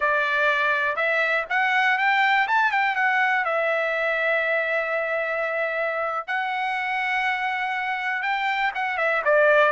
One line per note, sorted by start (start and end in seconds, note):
0.00 0.96 D5
0.96 1.45 E5
1.49 1.98 F#5
1.98 2.47 G5
2.47 2.71 A5
2.71 2.95 G5
2.95 3.44 F#5
3.44 6.27 E5
6.27 8.22 F#5
8.22 8.71 G5
8.75 8.97 F#5
8.97 9.22 E5
9.25 9.72 D5